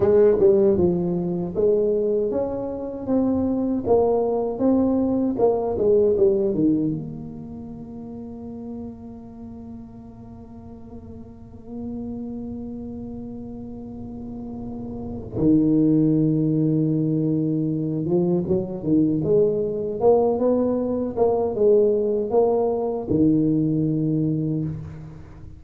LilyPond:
\new Staff \with { instrumentName = "tuba" } { \time 4/4 \tempo 4 = 78 gis8 g8 f4 gis4 cis'4 | c'4 ais4 c'4 ais8 gis8 | g8 dis8 ais2.~ | ais1~ |
ais1 | dis2.~ dis8 f8 | fis8 dis8 gis4 ais8 b4 ais8 | gis4 ais4 dis2 | }